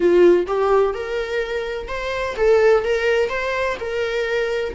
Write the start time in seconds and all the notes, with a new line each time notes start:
0.00 F4
0.46 G4
0.93 A#4
1.88 C5
2.36 A4
2.83 A#4
3.29 C5
3.79 A#4